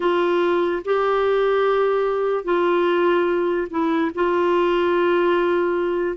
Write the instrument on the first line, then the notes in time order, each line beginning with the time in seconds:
clarinet
0.00 F4
0.84 G4
2.44 F4
3.70 E4
4.14 F4